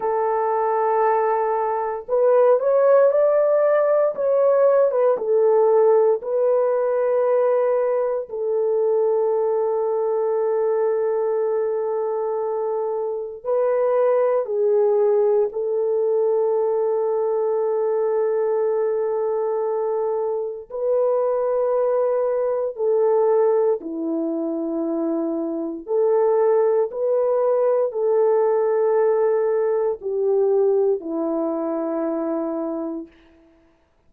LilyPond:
\new Staff \with { instrumentName = "horn" } { \time 4/4 \tempo 4 = 58 a'2 b'8 cis''8 d''4 | cis''8. b'16 a'4 b'2 | a'1~ | a'4 b'4 gis'4 a'4~ |
a'1 | b'2 a'4 e'4~ | e'4 a'4 b'4 a'4~ | a'4 g'4 e'2 | }